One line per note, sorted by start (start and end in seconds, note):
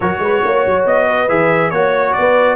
0.00 0.18 F#3
0.00 1.28 F#4
0.00 0.22 A#4
0.00 0.85 C#5
0.18 0.40 G#3
0.18 0.44 B4
0.44 0.65 A#3
0.44 1.07 C#5
0.66 0.85 F#3
0.85 1.28 B3
0.85 1.29 D#5
1.07 1.72 B4
1.28 1.71 E3
1.28 1.71 G#4
1.28 1.70 E5
1.70 2.14 A#3
1.70 2.55 F#4
1.70 2.13 C#5
1.70 2.18 C#5
2.13 2.55 B3
2.13 2.55 B4
2.13 2.55 D5